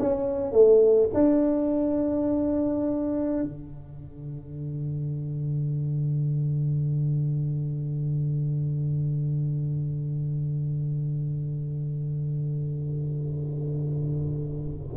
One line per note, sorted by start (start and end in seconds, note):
0.00 0.52 C#4
0.52 1.10 A3
1.14 3.44 D4
3.44 14.97 D3